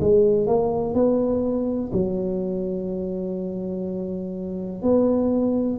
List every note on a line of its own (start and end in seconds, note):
0.00 0.46 G#3
0.46 0.94 A#3
0.94 1.90 B3
1.92 4.82 F#3
4.82 5.78 B3